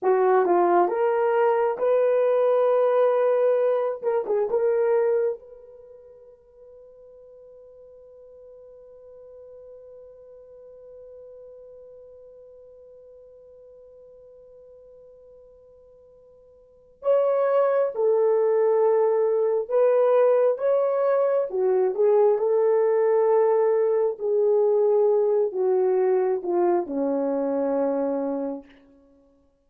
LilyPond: \new Staff \with { instrumentName = "horn" } { \time 4/4 \tempo 4 = 67 fis'8 f'8 ais'4 b'2~ | b'8 ais'16 gis'16 ais'4 b'2~ | b'1~ | b'1~ |
b'2. cis''4 | a'2 b'4 cis''4 | fis'8 gis'8 a'2 gis'4~ | gis'8 fis'4 f'8 cis'2 | }